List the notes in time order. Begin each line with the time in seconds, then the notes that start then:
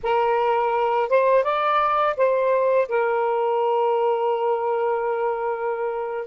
0.03 A#4
1.09 C5
1.43 D5
2.16 C5
2.88 A#4